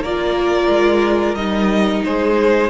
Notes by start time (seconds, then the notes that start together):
0.00 A#3 F4 A#4 D5
0.68 G#3
1.34 G3 D#4 D#5
2.04 G#3 G#4 C5